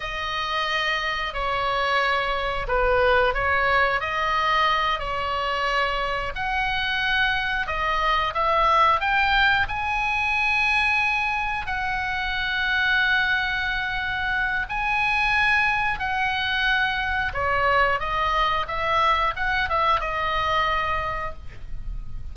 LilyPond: \new Staff \with { instrumentName = "oboe" } { \time 4/4 \tempo 4 = 90 dis''2 cis''2 | b'4 cis''4 dis''4. cis''8~ | cis''4. fis''2 dis''8~ | dis''8 e''4 g''4 gis''4.~ |
gis''4. fis''2~ fis''8~ | fis''2 gis''2 | fis''2 cis''4 dis''4 | e''4 fis''8 e''8 dis''2 | }